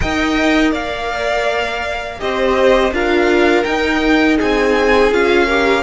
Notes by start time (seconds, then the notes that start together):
0.00 D#4 A#4 D#5 G5
0.71 A#3 D5 F5
2.18 C4 G4 C5 D#5
2.91 D4 F4 A#4 F5
3.63 D#4 G5
4.37 C4 G#4 G#5
5.11 C#4 F4 F5
5.45 G4 A#4